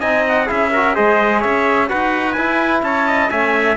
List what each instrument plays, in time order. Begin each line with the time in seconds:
0.00 cello C4, trombone D#4, trumpet D#5 G#5
0.28 trumpet F#5
0.46 cello C#4, trombone E4, trumpet G#4 E5
0.73 trombone F#4, trumpet A#4
0.94 cello G#3, trombone G#4, trumpet C5 D#5
1.39 cello C#4, trumpet C#5 E5
1.88 cello D#4, trombone F#4, trumpet B4 F#5
2.32 cello E4, trumpet G#5
2.38 trombone E4
2.83 cello C#4, trumpet C#5 A5
3.07 trumpet D#5
3.30 cello A3, trombone C#4, trumpet E5 G#5